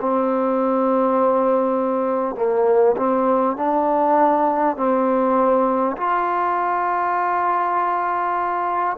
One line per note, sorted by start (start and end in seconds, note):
0.00 2.35 C4
2.35 2.95 A#3
2.97 3.56 C4
3.56 4.76 D4
4.76 5.96 C4
5.96 8.96 F4